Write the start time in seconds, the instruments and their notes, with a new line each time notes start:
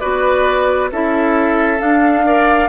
0.00 bassoon B3, clarinet F#4, oboe B4, flute D5
0.92 bassoon C#4, clarinet E4, oboe A4, flute E5
1.78 clarinet D4, bassoon D4, flute F5
2.25 clarinet A#4, oboe D5